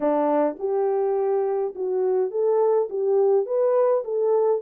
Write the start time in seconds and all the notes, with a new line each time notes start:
0.00 D4
0.59 G4
1.75 F#4
2.31 A4
2.89 G4
3.46 B4
4.04 A4